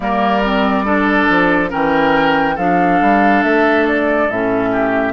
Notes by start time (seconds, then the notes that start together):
0.00 G3 A#3 A#4 D5
0.44 C4
0.85 D4 A4
1.29 F3
1.69 E3 C#4 A#4 G5
2.55 F3 D4 A4 F5
3.01 G3
3.43 A3 E5
3.87 D5
4.28 A2 C#4 E5
4.72 G4